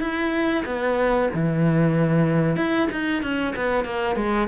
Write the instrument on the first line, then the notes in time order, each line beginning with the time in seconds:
cello
0.00 E4
0.65 B3
1.34 E3
2.56 E4
2.92 D#4
3.23 C#4
3.56 B3
3.84 A#3
4.16 G#3